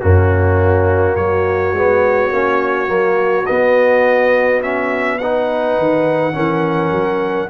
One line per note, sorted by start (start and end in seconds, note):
0.00 1.16 F#2
0.00 1.75 A#3
0.00 1.14 C#4
0.00 1.15 F#4
1.14 1.71 F#3
1.14 5.18 F#4
1.14 3.45 C#5
1.71 2.29 G#3
1.71 2.32 B3
2.31 2.88 A#3
2.31 2.87 C#4
2.87 3.46 F#3
2.87 3.45 A#3
3.45 4.62 B3
3.45 5.78 B3
3.45 4.61 D#5
4.62 5.20 C#4
4.62 5.18 E5
5.18 6.32 D#4
5.18 6.35 B4
5.18 7.49 F#5
5.78 6.36 D#3
6.32 6.91 E3
6.32 7.48 C#4
6.32 7.49 A#4
6.91 7.49 F#3